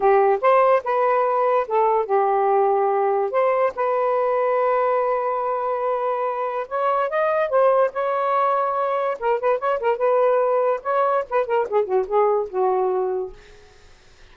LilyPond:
\new Staff \with { instrumentName = "saxophone" } { \time 4/4 \tempo 4 = 144 g'4 c''4 b'2 | a'4 g'2. | c''4 b'2.~ | b'1 |
cis''4 dis''4 c''4 cis''4~ | cis''2 ais'8 b'8 cis''8 ais'8 | b'2 cis''4 b'8 ais'8 | gis'8 fis'8 gis'4 fis'2 | }